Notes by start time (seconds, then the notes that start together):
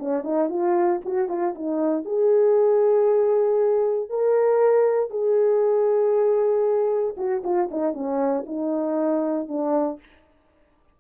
0.00 C#4
0.24 D#4
0.50 F4
1.06 F#4
1.29 F4
1.55 D#4
2.05 G#4
4.10 A#4
5.11 G#4
7.17 F#4
7.44 F4
7.72 D#4
7.94 C#4
8.47 D#4
9.48 D4